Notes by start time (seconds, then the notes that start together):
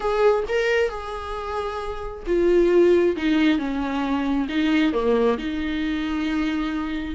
0.00 G#4
0.48 A#4
0.89 G#4
2.26 F4
3.16 D#4
3.58 C#4
4.48 D#4
4.92 A#3
5.38 D#4